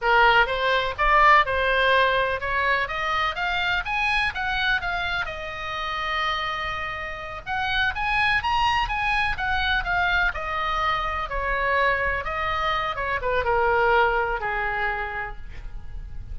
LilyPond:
\new Staff \with { instrumentName = "oboe" } { \time 4/4 \tempo 4 = 125 ais'4 c''4 d''4 c''4~ | c''4 cis''4 dis''4 f''4 | gis''4 fis''4 f''4 dis''4~ | dis''2.~ dis''8 fis''8~ |
fis''8 gis''4 ais''4 gis''4 fis''8~ | fis''8 f''4 dis''2 cis''8~ | cis''4. dis''4. cis''8 b'8 | ais'2 gis'2 | }